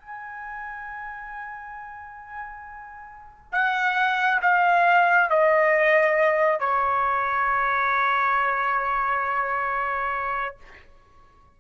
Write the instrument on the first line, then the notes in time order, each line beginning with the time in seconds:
trumpet
0.00 G#5
3.52 F#5
4.42 F5
5.29 D#5
6.59 C#5